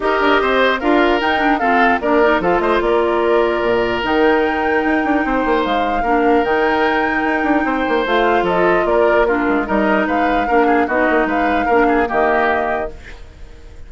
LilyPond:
<<
  \new Staff \with { instrumentName = "flute" } { \time 4/4 \tempo 4 = 149 dis''2 f''4 g''4 | f''4 d''4 f''8 dis''8 d''4~ | d''2 g''2~ | g''2 f''2 |
g''1 | f''4 dis''4 d''4 ais'4 | dis''4 f''2 dis''4 | f''2 dis''2 | }
  \new Staff \with { instrumentName = "oboe" } { \time 4/4 ais'4 c''4 ais'2 | a'4 ais'4 a'8 c''8 ais'4~ | ais'1~ | ais'4 c''2 ais'4~ |
ais'2. c''4~ | c''4 a'4 ais'4 f'4 | ais'4 b'4 ais'8 gis'8 fis'4 | b'4 ais'8 gis'8 g'2 | }
  \new Staff \with { instrumentName = "clarinet" } { \time 4/4 g'2 f'4 dis'8 d'8 | c'4 d'8 dis'8 f'2~ | f'2 dis'2~ | dis'2. d'4 |
dis'1 | f'2. d'4 | dis'2 d'4 dis'4~ | dis'4 d'4 ais2 | }
  \new Staff \with { instrumentName = "bassoon" } { \time 4/4 dis'8 d'8 c'4 d'4 dis'4 | f'4 ais4 f8 a8 ais4~ | ais4 ais,4 dis2 | dis'8 d'8 c'8 ais8 gis4 ais4 |
dis2 dis'8 d'8 c'8 ais8 | a4 f4 ais4. gis8 | g4 gis4 ais4 b8 ais8 | gis4 ais4 dis2 | }
>>